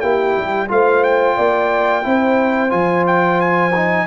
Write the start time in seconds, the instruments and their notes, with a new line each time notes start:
0.00 tuba A#3, trombone E4, horn G4, trumpet G5
0.37 tuba G3
0.68 tuba A3, trombone F4, horn C5, trumpet F5
1.04 trumpet G5
1.37 tuba A#3, horn D5
2.03 tuba C4, trombone E4, horn C5
2.70 tuba F3, trombone F4, trumpet G#5
3.07 trumpet G5
3.41 trumpet G#5
3.76 trombone D#4